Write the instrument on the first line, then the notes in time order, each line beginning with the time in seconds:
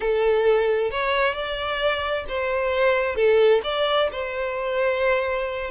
violin
0.00 A4
0.90 C#5
1.33 D5
2.28 C5
3.15 A4
3.63 D5
4.11 C5